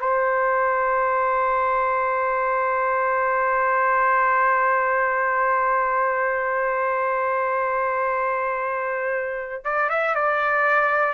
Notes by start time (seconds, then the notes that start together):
0.00 C5
9.64 D5
9.89 E5
10.15 D5